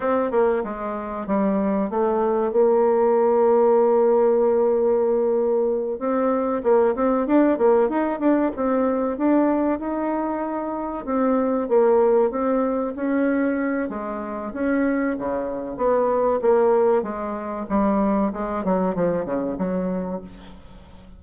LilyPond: \new Staff \with { instrumentName = "bassoon" } { \time 4/4 \tempo 4 = 95 c'8 ais8 gis4 g4 a4 | ais1~ | ais4. c'4 ais8 c'8 d'8 | ais8 dis'8 d'8 c'4 d'4 dis'8~ |
dis'4. c'4 ais4 c'8~ | c'8 cis'4. gis4 cis'4 | cis4 b4 ais4 gis4 | g4 gis8 fis8 f8 cis8 fis4 | }